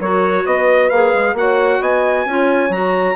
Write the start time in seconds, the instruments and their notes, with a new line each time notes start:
0.00 bassoon F#3, clarinet F#4, horn A#4, trumpet C#5
0.46 bassoon B3, horn B4, trumpet D#5
0.90 bassoon A#3, clarinet G#4, trumpet F5
1.14 bassoon G#3
1.34 bassoon A#3, clarinet F#4, trumpet F#5
1.40 horn C#5
1.81 bassoon B3, horn D#5, trumpet G#5
2.26 bassoon C#4, clarinet F4, horn C#5
2.70 bassoon F#3, clarinet F#4, trumpet A#5